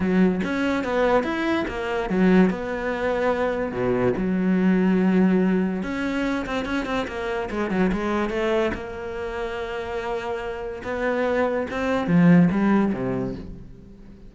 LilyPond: \new Staff \with { instrumentName = "cello" } { \time 4/4 \tempo 4 = 144 fis4 cis'4 b4 e'4 | ais4 fis4 b2~ | b4 b,4 fis2~ | fis2 cis'4. c'8 |
cis'8 c'8 ais4 gis8 fis8 gis4 | a4 ais2.~ | ais2 b2 | c'4 f4 g4 c4 | }